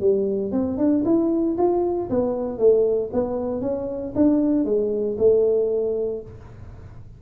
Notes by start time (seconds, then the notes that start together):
0.00 G3
0.51 C4
0.77 D4
1.05 E4
1.58 F4
2.09 B3
2.58 A3
3.13 B3
3.61 C#4
4.15 D4
4.65 G#3
5.18 A3